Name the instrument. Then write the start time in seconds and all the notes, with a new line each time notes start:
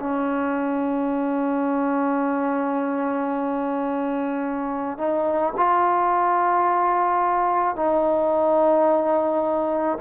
trombone
0.00 C#4
4.98 D#4
5.57 F4
7.76 D#4